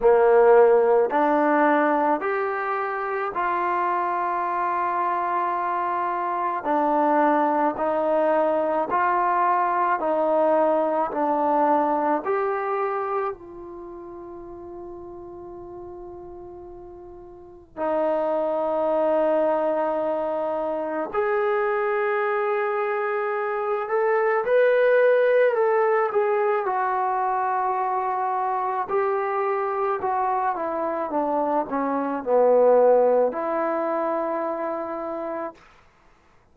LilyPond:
\new Staff \with { instrumentName = "trombone" } { \time 4/4 \tempo 4 = 54 ais4 d'4 g'4 f'4~ | f'2 d'4 dis'4 | f'4 dis'4 d'4 g'4 | f'1 |
dis'2. gis'4~ | gis'4. a'8 b'4 a'8 gis'8 | fis'2 g'4 fis'8 e'8 | d'8 cis'8 b4 e'2 | }